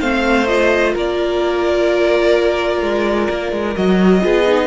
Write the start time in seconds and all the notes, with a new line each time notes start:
0.00 A3 C4 C5 F5
0.47 F4 D#5
0.93 A#3 A#4 D5
2.81 G#3
3.29 A#3
3.52 G#3
3.75 F#3 F#4 D#5
4.20 B3 F4 G#4
4.46 D#4